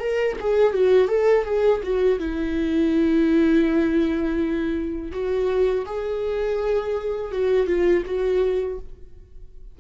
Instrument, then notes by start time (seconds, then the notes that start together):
viola
0.00 A#4
0.40 G#4
0.73 F#4
1.08 A4
1.45 G#4
1.84 F#4
2.20 E4
5.12 F#4
5.86 G#4
7.32 F#4
7.67 F4
8.06 F#4